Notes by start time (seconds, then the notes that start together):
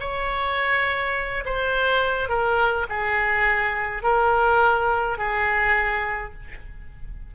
0.00 C#5
1.45 C5
2.29 A#4
2.89 G#4
4.03 A#4
5.18 G#4